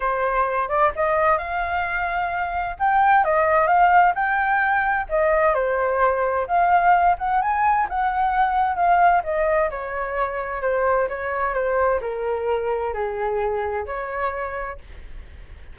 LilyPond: \new Staff \with { instrumentName = "flute" } { \time 4/4 \tempo 4 = 130 c''4. d''8 dis''4 f''4~ | f''2 g''4 dis''4 | f''4 g''2 dis''4 | c''2 f''4. fis''8 |
gis''4 fis''2 f''4 | dis''4 cis''2 c''4 | cis''4 c''4 ais'2 | gis'2 cis''2 | }